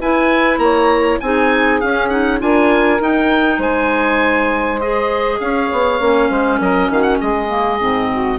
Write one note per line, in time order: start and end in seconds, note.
0.00 0.58 E4
0.00 1.22 E4
0.00 0.60 B4
0.00 0.59 G#5
0.58 1.19 A#3
0.58 1.21 C#5
0.58 1.19 A#5
1.20 1.82 C4
1.20 1.82 D#4
1.20 2.42 G#4
1.20 1.80 G#5
1.80 2.10 C#4
1.80 2.41 C#4
1.80 2.09 F5
2.09 2.40 D#4
2.09 2.39 F#5
2.40 3.00 D4
2.40 3.00 F4
2.40 3.58 A#4
2.40 3.02 G#5
3.00 4.80 D#4
3.00 3.58 D#4
3.00 3.62 G5
3.58 5.38 G#3
3.58 5.38 C5
3.58 4.81 G#5
4.81 6.00 G#4
4.81 5.40 D#5
5.40 5.70 C#4
5.40 6.29 C#5
5.40 6.60 F5
5.72 6.00 B3
6.00 6.30 A#3
6.00 7.48 C#4
6.29 6.60 G#3
6.29 6.59 C5
6.60 6.90 F#3
6.60 6.90 A#4
6.60 6.92 D#5
6.90 7.20 D#3
6.90 7.20 F#4
6.90 7.02 F5
7.02 7.17 F#5
7.20 7.80 G#3
7.20 8.10 G#4
7.20 8.39 D#5
7.48 7.78 A#3
7.80 8.39 G#2
7.80 8.39 C4
8.12 8.39 F#4